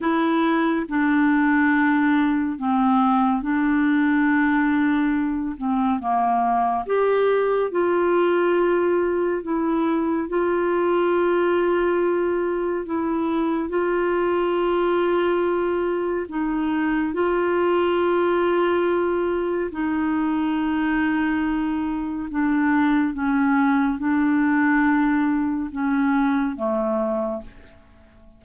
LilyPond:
\new Staff \with { instrumentName = "clarinet" } { \time 4/4 \tempo 4 = 70 e'4 d'2 c'4 | d'2~ d'8 c'8 ais4 | g'4 f'2 e'4 | f'2. e'4 |
f'2. dis'4 | f'2. dis'4~ | dis'2 d'4 cis'4 | d'2 cis'4 a4 | }